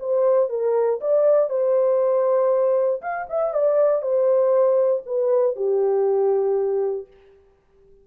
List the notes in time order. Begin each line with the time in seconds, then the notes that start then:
0.00 C5
0.50 A#4
1.01 D5
1.50 C5
3.02 F5
3.29 E5
3.54 D5
4.02 C5
5.06 B4
5.56 G4